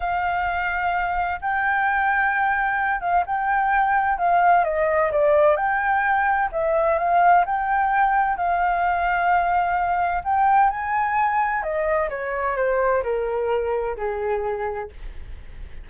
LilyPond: \new Staff \with { instrumentName = "flute" } { \time 4/4 \tempo 4 = 129 f''2. g''4~ | g''2~ g''8 f''8 g''4~ | g''4 f''4 dis''4 d''4 | g''2 e''4 f''4 |
g''2 f''2~ | f''2 g''4 gis''4~ | gis''4 dis''4 cis''4 c''4 | ais'2 gis'2 | }